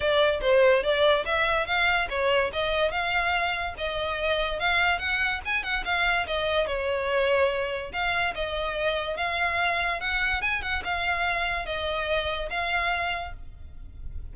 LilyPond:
\new Staff \with { instrumentName = "violin" } { \time 4/4 \tempo 4 = 144 d''4 c''4 d''4 e''4 | f''4 cis''4 dis''4 f''4~ | f''4 dis''2 f''4 | fis''4 gis''8 fis''8 f''4 dis''4 |
cis''2. f''4 | dis''2 f''2 | fis''4 gis''8 fis''8 f''2 | dis''2 f''2 | }